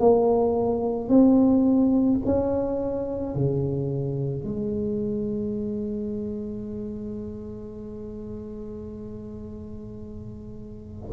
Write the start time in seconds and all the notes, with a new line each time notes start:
0.00 A#3
1.09 C4
2.26 C#4
3.35 C#3
4.44 G#3